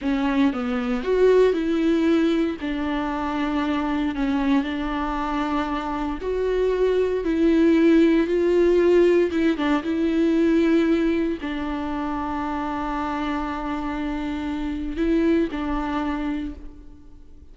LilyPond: \new Staff \with { instrumentName = "viola" } { \time 4/4 \tempo 4 = 116 cis'4 b4 fis'4 e'4~ | e'4 d'2. | cis'4 d'2. | fis'2 e'2 |
f'2 e'8 d'8 e'4~ | e'2 d'2~ | d'1~ | d'4 e'4 d'2 | }